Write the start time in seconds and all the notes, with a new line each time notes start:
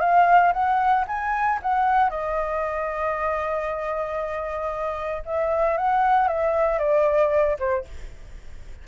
0.00 F5
0.53 F#5
1.07 G#5
1.62 F#5
2.10 D#5
5.25 E5
5.77 F#5
6.28 E5
6.78 D5
7.59 C5